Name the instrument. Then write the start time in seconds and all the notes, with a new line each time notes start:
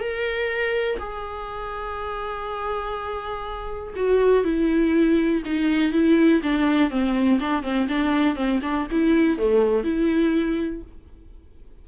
viola
0.00 A#4
0.99 G#4
3.96 F#4
4.44 E4
5.46 D#4
5.93 E4
6.43 D4
6.91 C4
7.40 D4
7.63 C4
7.88 D4
8.36 C4
8.63 D4
8.91 E4
9.38 A3
9.84 E4